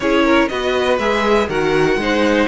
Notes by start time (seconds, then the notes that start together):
0.00 C#4 E4 G#4 C#5
0.24 A#4
0.48 B3 F#4 B4 D#5
0.98 G#3 G#4 E5
1.48 D#3 F#4 A#4 F#5
1.96 G#3 D#4 C5